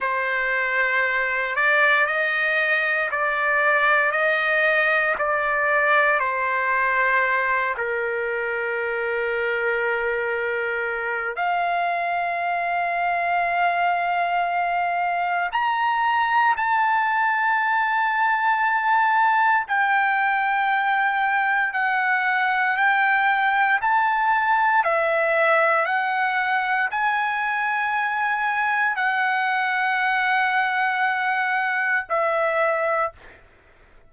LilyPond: \new Staff \with { instrumentName = "trumpet" } { \time 4/4 \tempo 4 = 58 c''4. d''8 dis''4 d''4 | dis''4 d''4 c''4. ais'8~ | ais'2. f''4~ | f''2. ais''4 |
a''2. g''4~ | g''4 fis''4 g''4 a''4 | e''4 fis''4 gis''2 | fis''2. e''4 | }